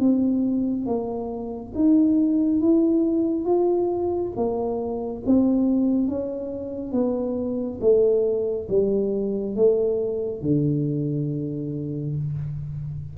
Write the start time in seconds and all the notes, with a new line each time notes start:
0.00 C4
0.87 A#3
1.75 D#4
2.61 E4
3.45 F4
4.36 A#3
5.26 C4
6.09 C#4
6.92 B3
7.81 A3
8.69 G3
9.56 A3
10.42 D3